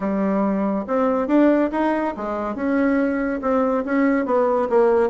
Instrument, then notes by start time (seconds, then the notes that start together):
bassoon
0.00 G3
0.87 C4
1.27 D4
1.71 D#4
2.16 G#3
2.55 C#4
3.41 C4
3.85 C#4
4.25 B3
4.69 A#3